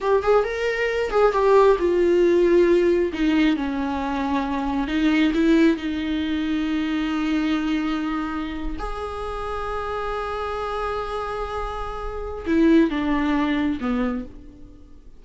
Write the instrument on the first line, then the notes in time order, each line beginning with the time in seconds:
viola
0.00 G4
0.22 G#4
0.44 A#4
1.10 G#4
1.32 G4
1.78 F4
3.12 D#4
3.56 C#4
4.87 D#4
5.34 E4
5.77 D#4
8.78 G#4
12.46 E4
12.90 D4
13.80 B3